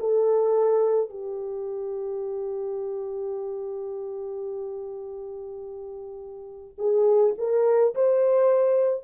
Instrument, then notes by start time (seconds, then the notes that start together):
horn
0.00 A4
1.10 G4
6.79 G#4
7.38 A#4
7.95 C5